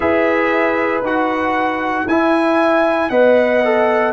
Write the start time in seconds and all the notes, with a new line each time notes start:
0.00 E4 G#4 B4 E5
1.01 D#4 F#4 F#5
2.06 E4 E5 G#5
3.09 B3 B4 D#5 F#5
3.64 A4